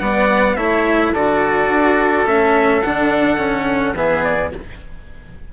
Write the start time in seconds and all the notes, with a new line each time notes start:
0.00 G3 B3 D5 F#5
0.56 A3 E4 C#5 E5
1.13 D3 F#4 A4 D5
1.68 D4
2.26 A3 C#4 E5
2.82 D3 D4 F#5
3.38 C#4
3.93 E3 B3 G#4 E5
4.23 D5